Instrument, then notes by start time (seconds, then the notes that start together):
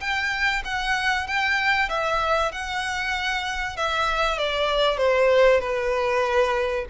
violin
0.00 G5
0.64 F#5
1.26 G5
1.89 E5
2.51 F#5
3.76 E5
4.38 D5
4.97 C5
5.60 B4